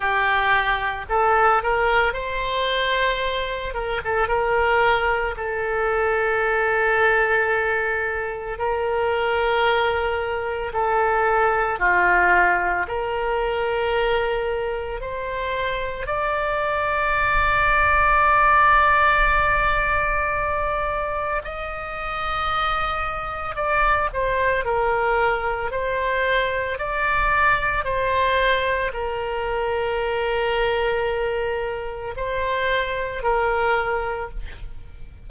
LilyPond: \new Staff \with { instrumentName = "oboe" } { \time 4/4 \tempo 4 = 56 g'4 a'8 ais'8 c''4. ais'16 a'16 | ais'4 a'2. | ais'2 a'4 f'4 | ais'2 c''4 d''4~ |
d''1 | dis''2 d''8 c''8 ais'4 | c''4 d''4 c''4 ais'4~ | ais'2 c''4 ais'4 | }